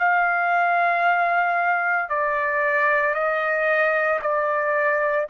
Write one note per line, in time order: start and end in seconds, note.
0.00 2.10 F5
2.10 3.15 D5
3.15 4.20 D#5
4.22 5.28 D5